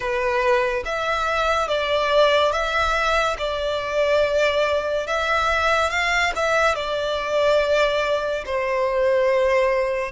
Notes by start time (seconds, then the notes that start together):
0.00 B4
0.85 E5
1.67 D5
2.52 E5
3.38 D5
5.06 E5
5.90 F5
6.35 E5
6.75 D5
8.45 C5